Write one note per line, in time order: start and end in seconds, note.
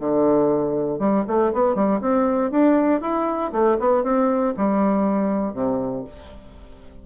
0.00 0.99 D3
0.99 1.24 G3
1.28 1.53 A3
1.53 1.75 B3
1.75 2.00 G3
2.01 2.51 C4
2.51 3.01 D4
3.01 3.52 E4
3.52 3.78 A3
3.80 4.03 B3
4.03 4.54 C4
4.57 5.53 G3
5.53 6.04 C3